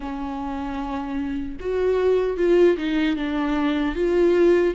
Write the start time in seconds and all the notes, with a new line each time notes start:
0.00 C#4
1.60 F#4
2.37 F4
2.77 D#4
3.16 D4
3.95 F4